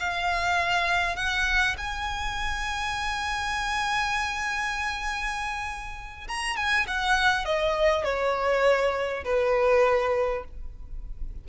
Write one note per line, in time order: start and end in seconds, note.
0.00 1.16 F5
1.16 1.76 F#5
1.78 6.28 G#5
6.28 6.57 A#5
6.57 6.87 G#5
6.88 7.46 F#5
7.46 8.05 D#5
8.05 9.25 C#5
9.25 10.45 B4